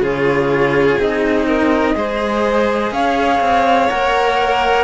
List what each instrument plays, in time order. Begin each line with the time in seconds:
0.00 cello C#3 F4, violin G#4, flute C#5
0.99 cello C4 D#4, flute D#5
1.47 violin A#4
1.95 cello G#3 G#4, violin C5
2.91 cello C#4, violin C#5, flute F5
3.40 cello C4
3.89 cello A#3 A#4, flute F#5